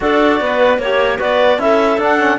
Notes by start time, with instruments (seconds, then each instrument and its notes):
0.00 cello D4, trombone F#4, clarinet A4 D5
0.40 cello B3, clarinet B4
0.78 cello A#3, trombone G4, clarinet C#5
1.18 cello B3, trombone F#4, clarinet B4 D5
1.58 cello C#4, trombone E4, clarinet A4 E5
1.97 cello D4, trombone D4, clarinet F#5
2.18 trombone C#4